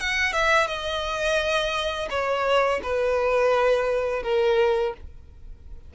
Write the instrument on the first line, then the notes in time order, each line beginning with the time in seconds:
violin
0.00 F#5
0.33 E5
0.67 D#5
2.10 C#5
2.83 B4
4.23 A#4